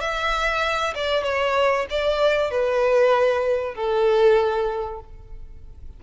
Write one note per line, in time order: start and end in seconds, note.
0.00 0.94 E5
0.94 1.23 D5
1.23 1.86 C#5
1.90 2.50 D5
2.50 3.74 B4
3.74 4.99 A4